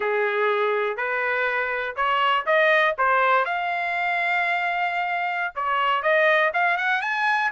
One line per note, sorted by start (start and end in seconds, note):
0.00 0.96 G#4
0.96 1.95 B4
1.96 2.45 C#5
2.46 2.95 D#5
2.98 3.45 C5
3.45 5.54 F5
5.55 6.02 C#5
6.02 6.51 D#5
6.53 6.77 F5
6.77 7.01 F#5
7.01 7.50 G#5